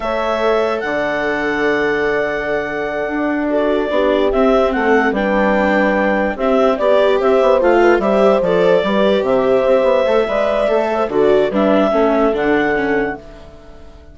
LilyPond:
<<
  \new Staff \with { instrumentName = "clarinet" } { \time 4/4 \tempo 4 = 146 e''2 fis''2~ | fis''1~ | fis''8 d''2 e''4 fis''8~ | fis''8 g''2. e''8~ |
e''8 d''4 e''4 f''4 e''8~ | e''8 d''2 e''4.~ | e''2. d''4 | e''2 fis''2 | }
  \new Staff \with { instrumentName = "horn" } { \time 4/4 cis''2 d''2~ | d''1~ | d''8 a'4 g'2 a'8~ | a'8 b'2. g'8~ |
g'8 d''4 c''4. b'8 c''8~ | c''4. b'4 c''4.~ | c''4 d''4. cis''16 c''16 a'4 | b'4 a'2. | }
  \new Staff \with { instrumentName = "viola" } { \time 4/4 a'1~ | a'1~ | a'8 fis'4 d'4 c'4.~ | c'8 d'2. c'8~ |
c'8 g'2 f'4 g'8~ | g'8 a'4 g'2~ g'8~ | g'8 a'8 b'4 a'4 fis'4 | d'4 cis'4 d'4 cis'4 | }
  \new Staff \with { instrumentName = "bassoon" } { \time 4/4 a2 d2~ | d2.~ d8 d'8~ | d'4. b4 c'4 a8~ | a8 g2. c'8~ |
c'8 b4 c'8 b8 a4 g8~ | g8 f4 g4 c4 c'8 | b8 a8 gis4 a4 d4 | g4 a4 d2 | }
>>